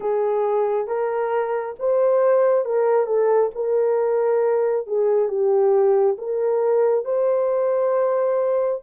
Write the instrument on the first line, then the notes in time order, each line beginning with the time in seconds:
horn
0.00 G#4
0.87 A#4
1.79 C5
2.65 A#4
3.06 A4
3.55 A#4
4.86 G#4
5.28 G4
6.18 A#4
7.05 C5